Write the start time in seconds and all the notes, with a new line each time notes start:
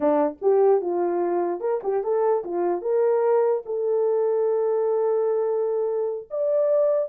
0.00 D4
0.41 G4
0.81 F4
1.60 A#4
1.83 G4
2.03 A4
2.44 F4
2.81 A#4
3.65 A4
6.30 D5